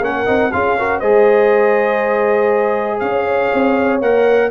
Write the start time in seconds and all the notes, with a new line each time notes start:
0.00 A#3 C#4 A#4 F#5
0.26 C4 D#4
0.52 C#4 F4 G#4 F5
0.78 F#4 A#4
0.99 G#3 G#4 C5 D#5
3.00 C#4 C#5 F5
3.53 C4
4.01 A#3 A#4 F#5